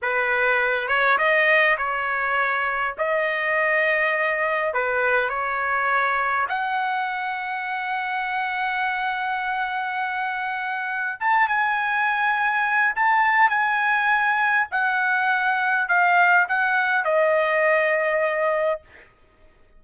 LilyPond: \new Staff \with { instrumentName = "trumpet" } { \time 4/4 \tempo 4 = 102 b'4. cis''8 dis''4 cis''4~ | cis''4 dis''2. | b'4 cis''2 fis''4~ | fis''1~ |
fis''2. a''8 gis''8~ | gis''2 a''4 gis''4~ | gis''4 fis''2 f''4 | fis''4 dis''2. | }